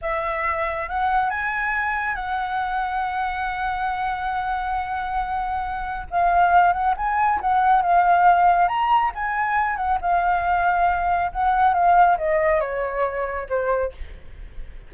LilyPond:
\new Staff \with { instrumentName = "flute" } { \time 4/4 \tempo 4 = 138 e''2 fis''4 gis''4~ | gis''4 fis''2.~ | fis''1~ | fis''2 f''4. fis''8 |
gis''4 fis''4 f''2 | ais''4 gis''4. fis''8 f''4~ | f''2 fis''4 f''4 | dis''4 cis''2 c''4 | }